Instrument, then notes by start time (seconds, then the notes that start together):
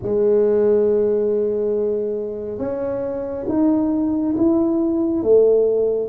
tuba
0.02 G#3
2.58 C#4
3.48 D#4
4.36 E4
5.22 A3